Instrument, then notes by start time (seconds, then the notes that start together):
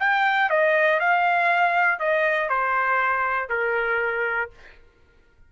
trumpet
0.00 G5
0.50 D#5
1.00 F5
2.00 D#5
2.49 C5
3.50 A#4